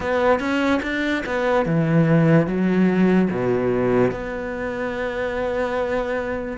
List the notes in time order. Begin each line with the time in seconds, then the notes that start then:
0.00 B3
0.39 C#4
0.82 D4
1.26 B3
1.65 E3
2.46 F#3
3.31 B2
4.11 B3